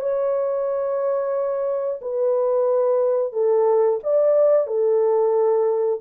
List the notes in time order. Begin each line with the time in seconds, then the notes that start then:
0.00 C#5
2.01 B4
3.32 A4
4.03 D5
4.67 A4